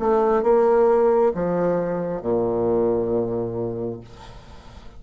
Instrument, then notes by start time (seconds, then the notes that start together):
bassoon
0.00 A3
0.44 A#3
1.35 F3
2.22 A#2